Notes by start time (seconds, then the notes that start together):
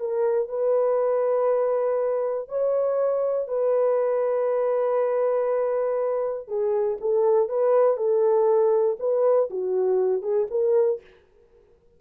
0.00 A#4
0.49 B4
2.49 C#5
3.48 B4
6.48 G#4
7.01 A4
7.49 B4
7.97 A4
9.00 B4
9.50 F#4
10.22 G#4
10.51 A#4